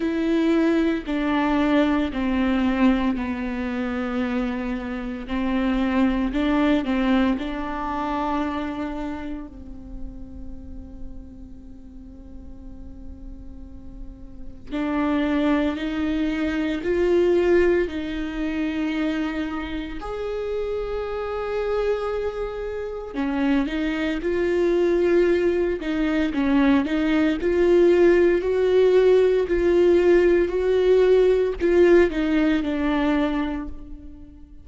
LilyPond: \new Staff \with { instrumentName = "viola" } { \time 4/4 \tempo 4 = 57 e'4 d'4 c'4 b4~ | b4 c'4 d'8 c'8 d'4~ | d'4 c'2.~ | c'2 d'4 dis'4 |
f'4 dis'2 gis'4~ | gis'2 cis'8 dis'8 f'4~ | f'8 dis'8 cis'8 dis'8 f'4 fis'4 | f'4 fis'4 f'8 dis'8 d'4 | }